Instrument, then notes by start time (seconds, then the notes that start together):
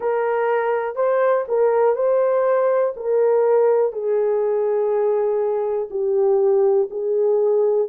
horn
0.00 A#4
0.95 C5
1.48 A#4
1.95 C5
2.96 A#4
3.92 G#4
5.90 G4
6.90 G#4